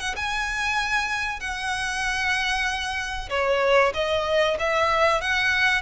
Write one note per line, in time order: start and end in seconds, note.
0.00 0.16 F#5
0.16 1.40 G#5
1.40 3.30 F#5
3.30 3.93 C#5
3.94 4.58 D#5
4.60 5.22 E5
5.22 5.82 F#5